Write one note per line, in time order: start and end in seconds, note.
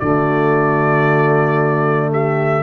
0.00 2.63 D3
0.00 2.63 A3
0.00 2.12 F#4
0.00 2.11 D5
2.12 2.63 G4
2.12 2.63 E5